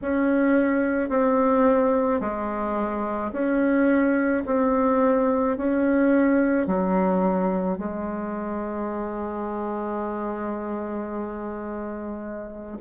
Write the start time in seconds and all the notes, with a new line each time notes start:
0.02 C#4
1.09 C4
2.20 G#3
3.32 C#4
4.45 C4
5.57 C#4
6.67 F#3
7.78 G#3